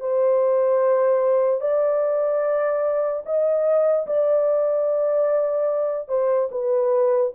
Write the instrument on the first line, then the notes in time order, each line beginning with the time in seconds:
horn
0.00 C5
1.61 D5
3.25 D#5
4.07 D5
6.08 C5
6.51 B4